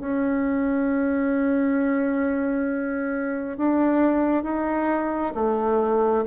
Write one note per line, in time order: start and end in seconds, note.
0.00 3.57 C#4
3.57 4.43 D4
4.43 5.33 D#4
5.34 6.24 A3